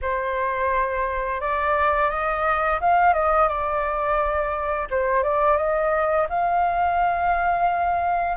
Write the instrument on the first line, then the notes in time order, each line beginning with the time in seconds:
flute
0.01 C5
1.40 D5
2.10 D#5
2.80 F5
3.13 D#5
3.48 D5
4.90 C5
5.23 D5
5.57 D#5
6.29 F5